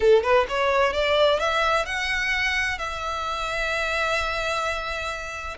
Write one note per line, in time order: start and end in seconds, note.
0.00 0.23 A4
0.23 0.46 B4
0.48 0.93 C#5
0.93 1.39 D5
1.39 1.85 E5
1.85 2.78 F#5
2.78 5.57 E5